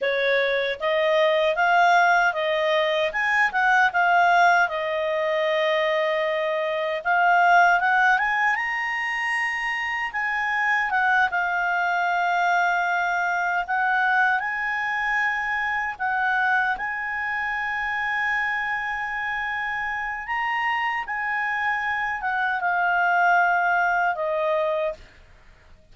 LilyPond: \new Staff \with { instrumentName = "clarinet" } { \time 4/4 \tempo 4 = 77 cis''4 dis''4 f''4 dis''4 | gis''8 fis''8 f''4 dis''2~ | dis''4 f''4 fis''8 gis''8 ais''4~ | ais''4 gis''4 fis''8 f''4.~ |
f''4. fis''4 gis''4.~ | gis''8 fis''4 gis''2~ gis''8~ | gis''2 ais''4 gis''4~ | gis''8 fis''8 f''2 dis''4 | }